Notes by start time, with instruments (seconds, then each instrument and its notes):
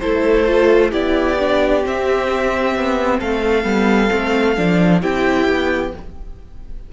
0.00 cello A3, viola E4, violin A4 C5
0.48 viola F4
0.91 cello B3, viola E4, violin G4 D5
1.40 viola D4
1.84 viola C4, cello C4, violin E5
2.76 cello B3
3.20 cello A3, violin A4 F5
3.64 cello G3, viola B3
4.11 cello A3, viola C4
4.57 cello F3, viola D4
5.01 cello C4, viola E4, violin G4 G5
5.48 cello B3